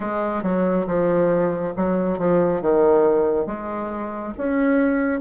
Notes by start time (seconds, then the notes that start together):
0.00 G#3
0.42 F#3
0.87 F3
1.76 F#3
2.18 F3
2.61 D#3
3.46 G#3
4.37 C#4